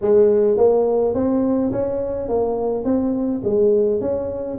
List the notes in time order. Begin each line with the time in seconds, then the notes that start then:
0.01 G#3
0.57 A#3
1.14 C4
1.71 C#4
2.28 A#3
2.84 C4
3.44 G#3
4.00 C#4